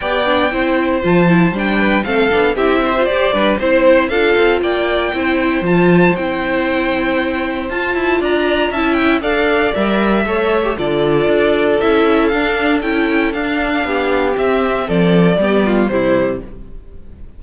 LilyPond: <<
  \new Staff \with { instrumentName = "violin" } { \time 4/4 \tempo 4 = 117 g''2 a''4 g''4 | f''4 e''4 d''4 c''4 | f''4 g''2 a''4 | g''2. a''4 |
ais''4 a''8 g''8 f''4 e''4~ | e''4 d''2 e''4 | f''4 g''4 f''2 | e''4 d''2 c''4 | }
  \new Staff \with { instrumentName = "violin" } { \time 4/4 d''4 c''2~ c''8 b'8 | a'4 g'8 c''4 b'8 c''4 | a'4 d''4 c''2~ | c''1 |
d''4 e''4 d''2 | cis''4 a'2.~ | a'2. g'4~ | g'4 a'4 g'8 f'8 e'4 | }
  \new Staff \with { instrumentName = "viola" } { \time 4/4 g'8 d'8 e'4 f'8 e'8 d'4 | c'8 d'8 e'8. f'16 g'8 d'8 e'4 | f'2 e'4 f'4 | e'2. f'4~ |
f'4 e'4 a'4 ais'4 | a'8. g'16 f'2 e'4 | d'4 e'4 d'2 | c'2 b4 g4 | }
  \new Staff \with { instrumentName = "cello" } { \time 4/4 b4 c'4 f4 g4 | a8 b8 c'4 g'8 g8 c'4 | d'8 c'8 ais4 c'4 f4 | c'2. f'8 e'8 |
d'4 cis'4 d'4 g4 | a4 d4 d'4 cis'4 | d'4 cis'4 d'4 b4 | c'4 f4 g4 c4 | }
>>